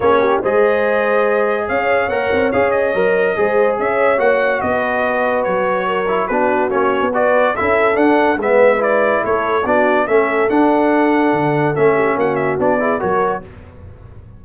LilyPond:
<<
  \new Staff \with { instrumentName = "trumpet" } { \time 4/4 \tempo 4 = 143 cis''4 dis''2. | f''4 fis''4 f''8 dis''4.~ | dis''4 e''4 fis''4 dis''4~ | dis''4 cis''2 b'4 |
cis''4 d''4 e''4 fis''4 | e''4 d''4 cis''4 d''4 | e''4 fis''2. | e''4 fis''8 e''8 d''4 cis''4 | }
  \new Staff \with { instrumentName = "horn" } { \time 4/4 gis'8 g'8 c''2. | cis''1 | c''4 cis''2 b'4~ | b'2 ais'4 fis'4~ |
fis'4 b'4 a'2 | b'2 a'4 fis'4 | a'1~ | a'8 g'8 fis'4. gis'8 ais'4 | }
  \new Staff \with { instrumentName = "trombone" } { \time 4/4 cis'4 gis'2.~ | gis'4 ais'4 gis'4 ais'4 | gis'2 fis'2~ | fis'2~ fis'8 e'8 d'4 |
cis'4 fis'4 e'4 d'4 | b4 e'2 d'4 | cis'4 d'2. | cis'2 d'8 e'8 fis'4 | }
  \new Staff \with { instrumentName = "tuba" } { \time 4/4 ais4 gis2. | cis'4 ais8 c'8 cis'4 fis4 | gis4 cis'4 ais4 b4~ | b4 fis2 b4 |
ais8. b4~ b16 cis'4 d'4 | gis2 a4 b4 | a4 d'2 d4 | a4 ais4 b4 fis4 | }
>>